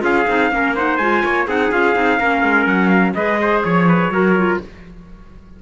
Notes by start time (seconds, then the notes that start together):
0.00 C#4 F4 G#4 F5
0.28 C4 D#4
0.51 A#3 C#4 A#4
0.76 D#4 C5 F#5
0.97 G#3 F4 G#5
1.24 A#3 C#5
1.48 C4 D#4 G#4 F#5
1.72 C#4 F4 F5
1.95 C4 D#4
2.19 A#3 C#4 A#4
2.43 G#3
2.66 F#3 F#5
2.89 F5
3.15 G#3 G#4 B4 D#5
3.42 C5
3.64 F3 C#5
3.89 B4
4.09 F#3 F#4 A#4
4.37 F4